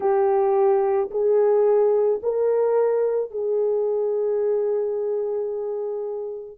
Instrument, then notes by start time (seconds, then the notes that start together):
horn
0.00 G4
1.10 G#4
2.22 A#4
3.30 G#4